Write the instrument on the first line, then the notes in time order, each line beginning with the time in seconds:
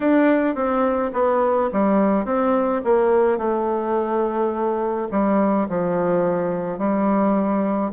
bassoon
0.00 D4
0.55 C4
1.13 B3
1.72 G3
2.25 C4
2.84 A#3
3.38 A3
5.10 G3
5.69 F3
6.78 G3